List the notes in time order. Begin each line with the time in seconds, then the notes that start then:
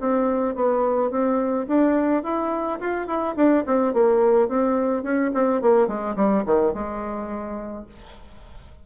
0.00 C4
0.55 B3
1.11 C4
1.67 D4
2.23 E4
2.80 F4
3.07 E4
3.36 D4
3.66 C4
3.93 A#3
4.48 C4
5.03 C#4
5.34 C4
5.62 A#3
5.87 G#3
6.16 G3
6.45 D#3
6.73 G#3